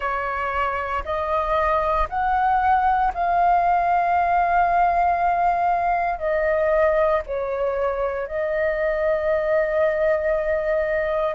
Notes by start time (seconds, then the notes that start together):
0.00 C#5
1.04 D#5
2.09 F#5
3.14 F5
6.18 D#5
7.26 C#5
8.27 D#5